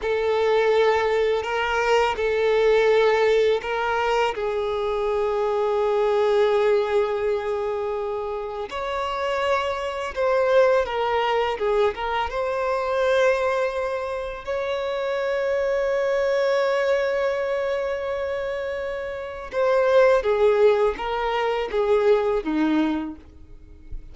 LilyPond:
\new Staff \with { instrumentName = "violin" } { \time 4/4 \tempo 4 = 83 a'2 ais'4 a'4~ | a'4 ais'4 gis'2~ | gis'1 | cis''2 c''4 ais'4 |
gis'8 ais'8 c''2. | cis''1~ | cis''2. c''4 | gis'4 ais'4 gis'4 dis'4 | }